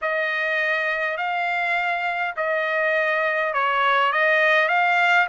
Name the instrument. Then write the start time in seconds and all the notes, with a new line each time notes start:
trumpet
0.01 D#5
1.17 F5
2.36 D#5
3.53 C#5
4.12 D#5
4.68 F5